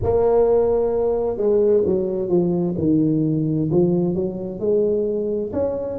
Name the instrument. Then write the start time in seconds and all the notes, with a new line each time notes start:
tuba
0.03 A#3
1.37 G#3
1.85 F#3
2.28 F3
2.77 D#3
3.71 F3
4.14 F#3
4.59 G#3
5.52 C#4